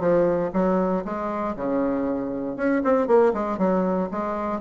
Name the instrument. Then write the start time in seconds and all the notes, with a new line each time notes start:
bassoon
0.00 F3
0.53 F#3
1.05 G#3
1.56 C#3
2.57 C#4
2.84 C4
3.07 A#3
3.34 G#3
3.58 F#3
4.11 G#3